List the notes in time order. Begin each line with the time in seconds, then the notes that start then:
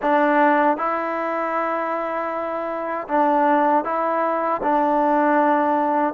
0.02 D4
0.77 E4
3.08 D4
3.84 E4
4.62 D4